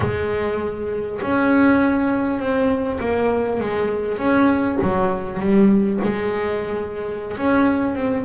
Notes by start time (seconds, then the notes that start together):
0.00 G#3
1.21 C#4
2.39 C4
3.00 A#3
3.60 G#3
4.18 C#4
4.82 F#3
5.39 G3
6.03 G#3
7.37 C#4
7.95 C4